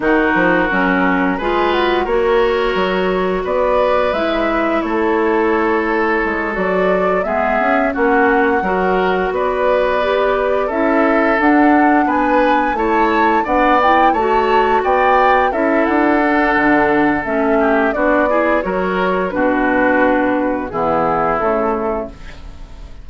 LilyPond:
<<
  \new Staff \with { instrumentName = "flute" } { \time 4/4 \tempo 4 = 87 ais'2 gis'8 fis'8 cis''4~ | cis''4 d''4 e''4 cis''4~ | cis''4. d''4 e''4 fis''8~ | fis''4. d''2 e''8~ |
e''8 fis''4 gis''4 a''4 fis''8 | g''8 a''4 g''4 e''8 fis''4~ | fis''4 e''4 d''4 cis''4 | b'2 gis'4 a'4 | }
  \new Staff \with { instrumentName = "oboe" } { \time 4/4 fis'2 b'4 ais'4~ | ais'4 b'2 a'4~ | a'2~ a'8 gis'4 fis'8~ | fis'8 ais'4 b'2 a'8~ |
a'4. b'4 cis''4 d''8~ | d''8 cis''4 d''4 a'4.~ | a'4. g'8 fis'8 gis'8 ais'4 | fis'2 e'2 | }
  \new Staff \with { instrumentName = "clarinet" } { \time 4/4 dis'4 cis'4 f'4 fis'4~ | fis'2 e'2~ | e'4. fis'4 b4 cis'8~ | cis'8 fis'2 g'4 e'8~ |
e'8 d'2 e'4 d'8 | e'8 fis'2 e'4 d'8~ | d'4 cis'4 d'8 e'8 fis'4 | d'2 b4 a4 | }
  \new Staff \with { instrumentName = "bassoon" } { \time 4/4 dis8 f8 fis4 gis4 ais4 | fis4 b4 gis4 a4~ | a4 gis8 fis4 gis8 cis'8 ais8~ | ais8 fis4 b2 cis'8~ |
cis'8 d'4 b4 a4 b8~ | b8 a4 b4 cis'8 d'4 | d4 a4 b4 fis4 | b,2 e4 cis4 | }
>>